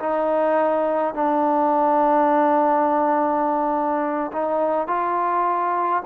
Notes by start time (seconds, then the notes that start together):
0.00 D#4
1.14 D4
4.33 D#4
4.88 F4